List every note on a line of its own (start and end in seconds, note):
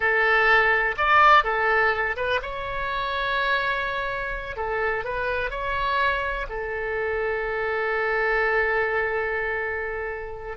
0.00 0.95 A4
0.97 1.44 D5
1.44 2.16 A4
2.16 2.40 B4
2.42 4.56 C#5
4.56 5.04 A4
5.04 5.50 B4
5.50 6.46 C#5
6.49 10.57 A4